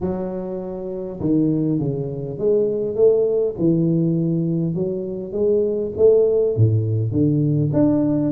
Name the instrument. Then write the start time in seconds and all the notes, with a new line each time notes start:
tuba
0.00 F#3
1.20 D#3
1.79 C#3
2.38 G#3
2.95 A3
3.58 E3
4.74 F#3
5.32 G#3
5.96 A3
6.56 A2
7.11 D3
7.73 D4